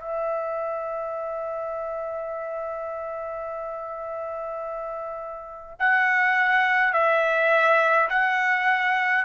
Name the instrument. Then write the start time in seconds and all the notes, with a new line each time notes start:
trumpet
0.00 E5
5.80 F#5
6.94 E5
8.10 F#5